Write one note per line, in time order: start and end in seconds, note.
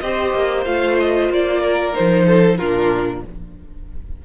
0.00 0.34 C4
0.00 0.65 G4
0.00 1.60 C5
0.00 0.65 D#5
0.34 0.66 A#3
0.65 1.30 A3
0.65 1.93 F4
0.65 0.97 F5
1.00 1.32 D#5
1.30 1.94 A#3
1.30 1.95 D5
1.60 2.24 A#4
1.93 2.58 D#4
1.93 2.57 C5
1.99 2.59 F3
2.27 2.59 A4
2.57 3.23 A#2
2.57 3.25 D4
2.57 3.23 F4
2.57 3.22 A#4